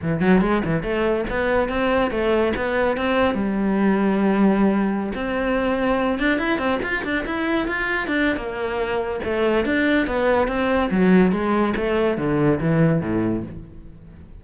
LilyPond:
\new Staff \with { instrumentName = "cello" } { \time 4/4 \tempo 4 = 143 e8 fis8 gis8 e8 a4 b4 | c'4 a4 b4 c'4 | g1~ | g16 c'2~ c'8 d'8 e'8 c'16~ |
c'16 f'8 d'8 e'4 f'4 d'8. | ais2 a4 d'4 | b4 c'4 fis4 gis4 | a4 d4 e4 a,4 | }